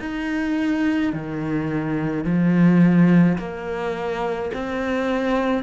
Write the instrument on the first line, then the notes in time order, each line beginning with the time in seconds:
cello
0.00 D#4
1.13 D#3
2.25 F3
3.38 A#3
4.54 C4